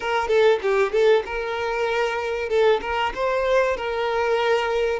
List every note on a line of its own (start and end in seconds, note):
0.00 0.28 A#4
0.28 0.59 A4
0.62 0.91 G4
0.91 1.23 A4
1.25 2.49 A#4
2.49 2.80 A4
2.81 3.12 A#4
3.14 3.77 C5
3.77 4.99 A#4